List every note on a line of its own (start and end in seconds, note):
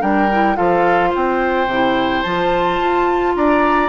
0.00 0.57 G3
0.00 0.28 D4
0.00 0.56 A#4
0.00 0.56 G5
0.31 0.55 E4
0.55 1.14 F3
0.55 1.66 F4
0.55 1.09 A4
0.55 1.11 F5
1.09 1.67 C4
1.09 3.31 C5
1.09 2.22 G5
1.67 2.22 C3
1.67 2.24 E4
2.22 2.79 F3
2.22 3.88 F4
2.22 3.33 A5
2.79 3.35 F4
3.35 3.88 D4
3.35 3.88 D5
3.35 3.88 A#5